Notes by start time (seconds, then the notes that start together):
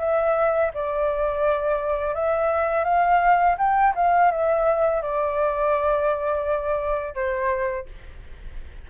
0.00 E5
0.74 D5
2.15 E5
2.85 F5
3.58 G5
3.95 F5
4.31 E5
5.02 D5
7.15 C5